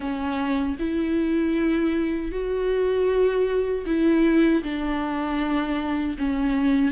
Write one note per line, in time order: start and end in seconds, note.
0.00 0.76 C#4
0.79 2.31 E4
2.31 3.85 F#4
3.86 4.63 E4
4.63 6.16 D4
6.18 6.91 C#4